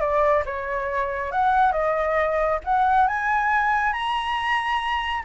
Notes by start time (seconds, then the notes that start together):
0.00 D5
0.45 C#5
1.31 F#5
1.72 D#5
2.64 F#5
3.07 G#5
3.93 A#5